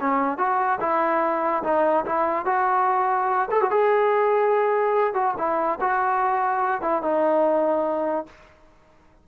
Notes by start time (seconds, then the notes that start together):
0.00 C#4
0.37 F#4
0.80 E4
1.63 D#4
2.05 E4
2.45 F#4
3.51 A4
3.61 F#4
3.71 G#4
5.13 F#4
5.37 E4
5.80 F#4
6.81 E4
7.02 D#4